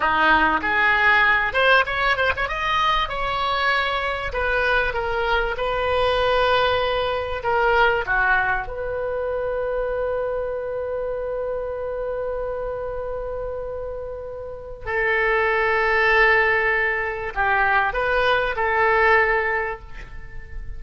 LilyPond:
\new Staff \with { instrumentName = "oboe" } { \time 4/4 \tempo 4 = 97 dis'4 gis'4. c''8 cis''8 c''16 cis''16 | dis''4 cis''2 b'4 | ais'4 b'2. | ais'4 fis'4 b'2~ |
b'1~ | b'1 | a'1 | g'4 b'4 a'2 | }